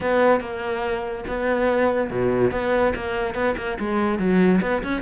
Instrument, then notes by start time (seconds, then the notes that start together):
cello
0.00 B3
0.40 A#3
1.27 B3
2.10 B2
2.51 B3
2.95 A#3
3.34 B3
3.57 A#3
3.79 G#3
4.18 F#3
4.61 B3
4.83 C#4